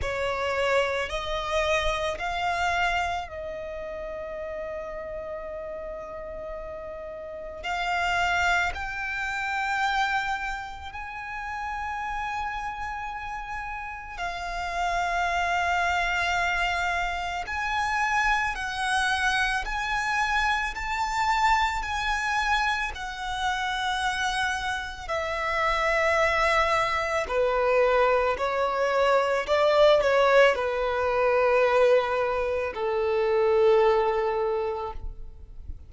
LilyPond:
\new Staff \with { instrumentName = "violin" } { \time 4/4 \tempo 4 = 55 cis''4 dis''4 f''4 dis''4~ | dis''2. f''4 | g''2 gis''2~ | gis''4 f''2. |
gis''4 fis''4 gis''4 a''4 | gis''4 fis''2 e''4~ | e''4 b'4 cis''4 d''8 cis''8 | b'2 a'2 | }